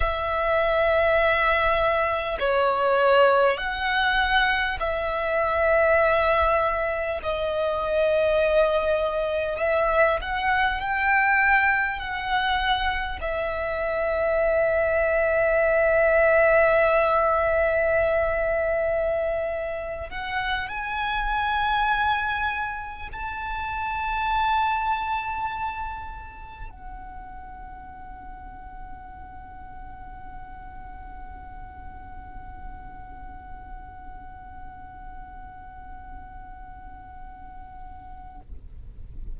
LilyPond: \new Staff \with { instrumentName = "violin" } { \time 4/4 \tempo 4 = 50 e''2 cis''4 fis''4 | e''2 dis''2 | e''8 fis''8 g''4 fis''4 e''4~ | e''1~ |
e''8. fis''8 gis''2 a''8.~ | a''2~ a''16 fis''4.~ fis''16~ | fis''1~ | fis''1 | }